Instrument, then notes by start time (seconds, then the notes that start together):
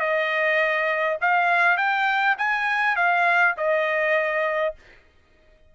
trumpet
0.00 D#5
1.22 F5
1.78 G5
2.39 G#5
2.97 F5
3.57 D#5